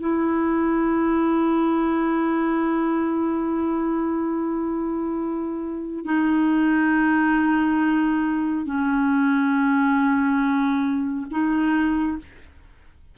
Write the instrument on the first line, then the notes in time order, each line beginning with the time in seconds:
clarinet
0.00 E4
6.05 D#4
8.66 C#4
11.31 D#4